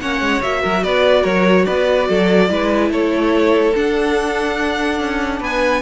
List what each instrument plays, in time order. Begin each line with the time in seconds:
0.00 cello A#3, viola C#4, violin C#5 F#5
0.21 cello G#3
0.42 cello A#3, viola F#4, violin E5
0.61 cello F#3, violin A#4
0.83 cello B3, violin B4 D5
1.22 cello F#3, violin A#4 C#5
1.65 cello B3, violin B4 D5
2.08 cello F#3, violin A4
2.48 cello G#3, viola E4, violin B4
2.90 cello A3, violin A4 C#5
3.75 viola D4, cello D4, violin F#5
5.00 cello C#4
5.40 cello B3, violin B4 G#5